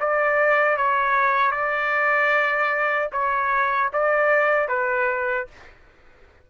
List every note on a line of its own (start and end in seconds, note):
0.00 0.77 D5
0.77 1.51 C#5
1.51 3.09 D5
3.12 3.91 C#5
3.93 4.68 D5
4.68 5.47 B4